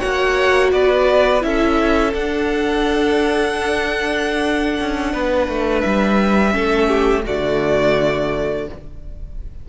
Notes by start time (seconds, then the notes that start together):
0.00 A#3 F#4 C#5 F#5
0.72 B3 B4 D5
1.41 C#4 E4 A4 E5
2.14 D4 F#5
4.80 C#4
5.12 B3 B4
5.48 A3
5.81 G3 E5
6.51 A3 C#4 A4
6.89 G4
7.26 D3 A3 F#4 D5